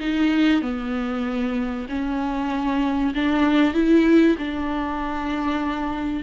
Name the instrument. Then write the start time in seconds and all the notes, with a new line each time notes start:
viola
0.00 D#4
0.62 B3
1.89 C#4
3.15 D4
3.74 E4
4.38 D4